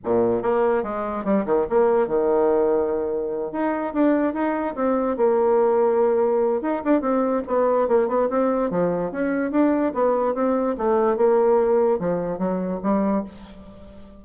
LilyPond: \new Staff \with { instrumentName = "bassoon" } { \time 4/4 \tempo 4 = 145 ais,4 ais4 gis4 g8 dis8 | ais4 dis2.~ | dis8 dis'4 d'4 dis'4 c'8~ | c'8 ais2.~ ais8 |
dis'8 d'8 c'4 b4 ais8 b8 | c'4 f4 cis'4 d'4 | b4 c'4 a4 ais4~ | ais4 f4 fis4 g4 | }